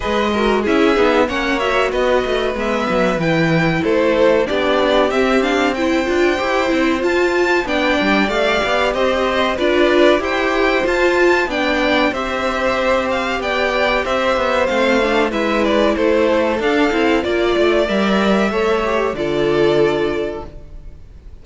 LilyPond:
<<
  \new Staff \with { instrumentName = "violin" } { \time 4/4 \tempo 4 = 94 dis''4 e''4 fis''8 e''8 dis''4 | e''4 g''4 c''4 d''4 | e''8 f''8 g''2 a''4 | g''4 f''4 dis''4 d''4 |
g''4 a''4 g''4 e''4~ | e''8 f''8 g''4 e''4 f''4 | e''8 d''8 c''4 f''4 d''4 | e''2 d''2 | }
  \new Staff \with { instrumentName = "violin" } { \time 4/4 b'8 ais'8 gis'4 cis''4 b'4~ | b'2 a'4 g'4~ | g'4 c''2. | d''2 c''4 b'4 |
c''2 d''4 c''4~ | c''4 d''4 c''2 | b'4 a'2 d''4~ | d''4 cis''4 a'2 | }
  \new Staff \with { instrumentName = "viola" } { \time 4/4 gis'8 fis'8 e'8 dis'8 cis'8 fis'4. | b4 e'2 d'4 | c'8 d'8 e'8 f'8 g'8 e'8 f'4 | d'4 g'2 f'4 |
g'4 f'4 d'4 g'4~ | g'2. c'8 d'8 | e'2 d'8 e'8 f'4 | ais'4 a'8 g'8 f'2 | }
  \new Staff \with { instrumentName = "cello" } { \time 4/4 gis4 cis'8 b8 ais4 b8 a8 | gis8 fis8 e4 a4 b4 | c'4. d'8 e'8 c'8 f'4 | b8 g8 a8 b8 c'4 d'4 |
e'4 f'4 b4 c'4~ | c'4 b4 c'8 b8 a4 | gis4 a4 d'8 c'8 ais8 a8 | g4 a4 d2 | }
>>